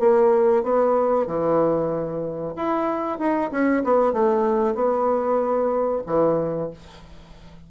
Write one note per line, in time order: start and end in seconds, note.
0.00 0.64 A#3
0.64 1.27 B3
1.27 2.55 E3
2.56 3.19 E4
3.19 3.51 D#4
3.52 3.84 C#4
3.84 4.13 B3
4.13 4.75 A3
4.75 6.03 B3
6.07 6.71 E3